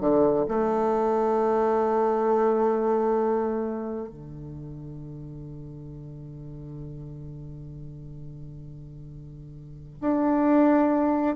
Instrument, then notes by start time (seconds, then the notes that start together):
bassoon
0.00 D3
0.48 A3
4.08 D3
10.01 D4